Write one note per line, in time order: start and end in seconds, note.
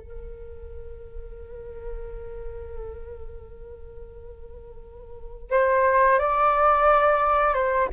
0.00 5.51 A#4
5.51 6.19 C5
6.19 7.55 D5
7.55 7.89 C5